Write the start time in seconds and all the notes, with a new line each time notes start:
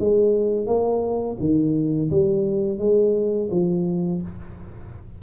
0.00 G#3
0.67 A#3
1.40 D#3
2.11 G3
2.79 G#3
3.51 F3